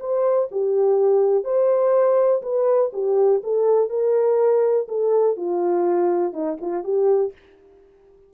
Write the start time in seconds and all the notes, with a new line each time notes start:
0.00 C5
0.51 G4
1.44 C5
2.42 B4
2.93 G4
3.43 A4
3.90 A#4
4.88 A4
5.37 F4
6.33 D#4
6.61 F4
6.84 G4